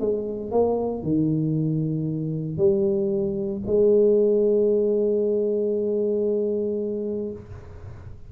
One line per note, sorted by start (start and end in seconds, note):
0.00 0.51 G#3
0.51 1.03 A#3
1.03 2.58 D#3
2.58 3.62 G3
3.67 7.32 G#3